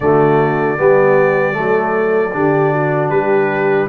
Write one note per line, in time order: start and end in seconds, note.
0.00 0.78 D3
0.00 0.78 A3
0.00 0.78 F#4
0.00 3.09 D5
0.78 1.57 G3
0.78 1.52 B3
0.78 1.56 G4
1.52 2.34 F#3
1.52 2.30 A3
1.52 2.34 A4
2.33 3.10 D3
2.33 3.88 D4
2.33 2.72 G4
2.72 3.11 F#4
3.09 3.87 G3
3.09 3.88 G4
3.09 3.87 B4